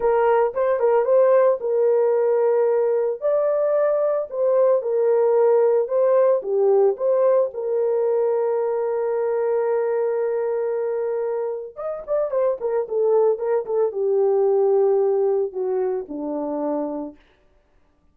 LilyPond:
\new Staff \with { instrumentName = "horn" } { \time 4/4 \tempo 4 = 112 ais'4 c''8 ais'8 c''4 ais'4~ | ais'2 d''2 | c''4 ais'2 c''4 | g'4 c''4 ais'2~ |
ais'1~ | ais'2 dis''8 d''8 c''8 ais'8 | a'4 ais'8 a'8 g'2~ | g'4 fis'4 d'2 | }